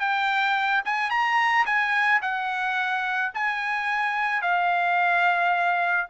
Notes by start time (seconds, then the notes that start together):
0.00 G5
0.85 G#5
1.11 A#5
1.66 G#5
2.22 F#5
3.34 G#5
4.42 F5